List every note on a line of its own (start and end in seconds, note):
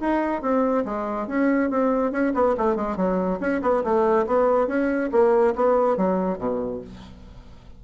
0.00 0.42 D#4
0.42 0.84 C4
0.85 1.27 G#3
1.27 1.70 C#4
1.70 2.12 C4
2.12 2.33 C#4
2.34 2.56 B3
2.57 2.76 A3
2.76 2.97 G#3
2.97 3.39 F#3
3.40 3.62 C#4
3.62 3.83 B3
3.84 4.26 A3
4.26 4.67 B3
4.67 5.10 C#4
5.12 5.54 A#3
5.56 5.97 B3
5.97 6.38 F#3
6.38 6.81 B2